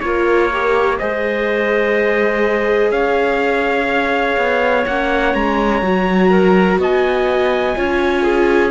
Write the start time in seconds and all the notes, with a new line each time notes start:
0.00 A#3 F4 A#4 C#5
0.52 G4
0.98 G#3 G#4 C5 D#5
2.91 C#4 C#5 F5
4.37 B3
4.86 A#3 C#4 F#5
5.34 G#3 A#5
5.81 F#3 F#4
6.29 A#4
6.77 B3 D#5 G#5
7.76 C#4 F4 C#5
8.23 G#4